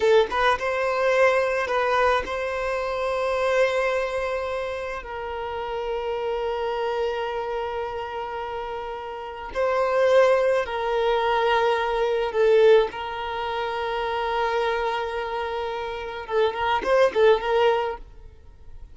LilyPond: \new Staff \with { instrumentName = "violin" } { \time 4/4 \tempo 4 = 107 a'8 b'8 c''2 b'4 | c''1~ | c''4 ais'2.~ | ais'1~ |
ais'4 c''2 ais'4~ | ais'2 a'4 ais'4~ | ais'1~ | ais'4 a'8 ais'8 c''8 a'8 ais'4 | }